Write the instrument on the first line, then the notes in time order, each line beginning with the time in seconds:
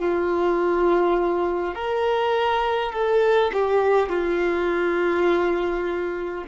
violin
0.00 F4
1.75 A#4
2.93 A4
3.53 G4
4.09 F4